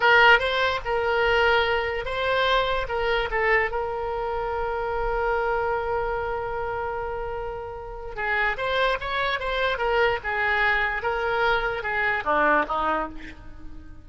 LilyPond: \new Staff \with { instrumentName = "oboe" } { \time 4/4 \tempo 4 = 147 ais'4 c''4 ais'2~ | ais'4 c''2 ais'4 | a'4 ais'2.~ | ais'1~ |
ais'1 | gis'4 c''4 cis''4 c''4 | ais'4 gis'2 ais'4~ | ais'4 gis'4 d'4 dis'4 | }